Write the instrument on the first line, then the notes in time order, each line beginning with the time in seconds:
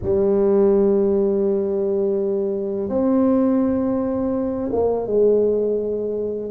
tuba
0.02 G3
2.89 C4
4.72 A#3
5.06 G#3